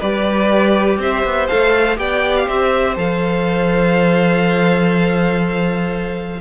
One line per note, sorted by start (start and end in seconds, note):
0.00 0.99 G3
0.00 1.49 G4
0.00 0.98 B4
0.00 1.00 D5
0.99 1.24 C4
0.99 1.99 C5
0.99 1.48 E5
1.24 1.49 B3
1.48 1.98 A3
1.48 1.97 A4
1.48 1.98 F5
1.97 2.48 B3
1.97 2.95 G4
1.97 2.47 D5
1.97 2.36 G5
2.37 2.49 F5
2.47 2.97 C4
2.47 6.40 C5
2.47 2.98 E5
2.96 6.41 F3
2.96 6.41 A4
2.96 6.41 F5